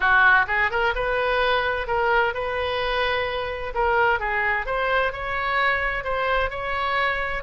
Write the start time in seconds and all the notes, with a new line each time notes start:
0.00 F#4
0.47 G#4
0.71 A#4
0.95 B4
1.87 A#4
2.34 B4
3.74 A#4
4.19 G#4
4.66 C5
5.12 C#5
6.04 C5
6.50 C#5